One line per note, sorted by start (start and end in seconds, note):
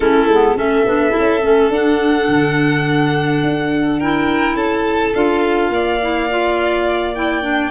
0.00 0.28 A3
0.00 0.27 C#4
0.00 0.57 E4
0.00 0.57 A4
0.28 0.56 G#3
0.28 0.56 B3
0.56 0.85 A3
0.56 0.85 C#4
0.56 3.99 A4
0.56 1.72 E5
0.85 1.14 B3
0.85 1.10 D4
1.10 1.39 E4
1.19 1.42 C#4
1.42 1.70 A3
1.42 1.70 C#4
1.70 2.27 D4
1.70 3.99 D4
1.70 4.00 F#5
2.28 3.42 D3
3.42 4.54 D4
3.99 5.14 E4
3.99 4.56 A#4
3.99 4.56 G5
4.54 5.11 C#4
4.54 5.70 A4
4.54 5.13 A5
5.14 5.69 D4
5.14 6.00 F4
5.14 7.14 F5
5.69 7.69 A#3
5.69 7.70 D5
6.00 6.29 E4
6.30 7.15 F4
7.14 7.41 E4
7.14 7.70 G5
7.41 7.70 D4